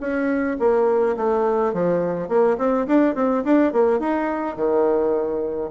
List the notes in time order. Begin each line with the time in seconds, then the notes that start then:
0.00 C#4
0.59 A#3
1.16 A3
1.73 F3
2.28 A#3
2.58 C4
2.87 D4
3.15 C4
3.44 D4
3.72 A#3
3.99 D#4
4.56 D#3